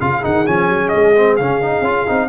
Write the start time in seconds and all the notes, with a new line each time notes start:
0.00 C#3 F4 G#4 F5
0.22 D#3 D#4 F#5
0.46 F3 C#4 G#5
0.69 F#3
0.88 G#3 D#5
1.16 C4
1.36 C#3 C#4 F5
1.61 D#4
1.80 C#4 F4
2.07 C4 D#4